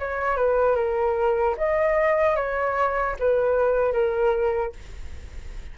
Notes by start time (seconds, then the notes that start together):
0.00 C#5
0.37 B4
0.76 A#4
1.58 D#5
2.36 C#5
3.20 B4
3.93 A#4